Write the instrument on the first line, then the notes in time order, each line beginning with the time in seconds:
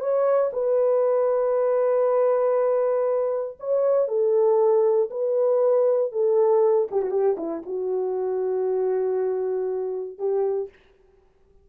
horn
0.00 C#5
0.53 B4
3.60 C#5
4.08 A4
5.11 B4
6.12 A4
6.91 G4
7.02 F#4
7.11 G4
7.37 E4
7.66 F#4
10.19 G4